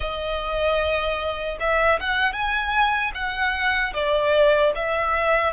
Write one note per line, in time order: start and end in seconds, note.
0.00 1.58 D#5
1.60 1.99 E5
2.00 2.32 F#5
2.32 3.11 G#5
3.14 3.93 F#5
3.93 4.72 D5
4.75 5.53 E5